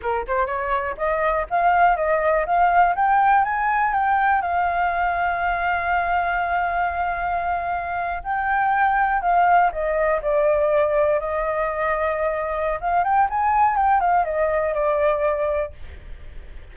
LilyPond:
\new Staff \with { instrumentName = "flute" } { \time 4/4 \tempo 4 = 122 ais'8 c''8 cis''4 dis''4 f''4 | dis''4 f''4 g''4 gis''4 | g''4 f''2.~ | f''1~ |
f''8. g''2 f''4 dis''16~ | dis''8. d''2 dis''4~ dis''16~ | dis''2 f''8 g''8 gis''4 | g''8 f''8 dis''4 d''2 | }